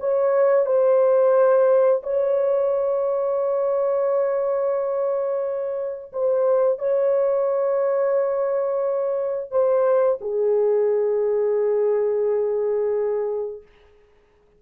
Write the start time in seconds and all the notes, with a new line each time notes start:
0.00 C#5
0.66 C5
2.03 C#5
6.12 C5
6.79 C#5
9.51 C5
10.21 G#4